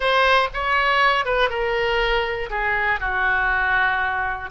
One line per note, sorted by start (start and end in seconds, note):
0.00 0.48 C5
0.53 1.25 C#5
1.25 1.49 B4
1.49 2.49 A#4
2.50 3.00 G#4
3.00 4.50 F#4